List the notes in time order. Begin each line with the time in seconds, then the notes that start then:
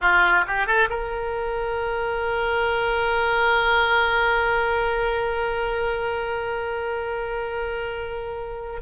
0.01 F4
0.47 G4
0.66 A4
0.89 A#4